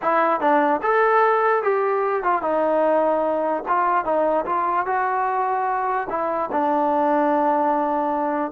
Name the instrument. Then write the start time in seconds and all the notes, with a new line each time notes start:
trombone
0.01 E4
0.40 D4
0.82 A4
1.62 G4
2.23 F4
2.42 D#4
3.68 F4
4.04 D#4
4.45 F4
4.86 F#4
6.09 E4
6.51 D4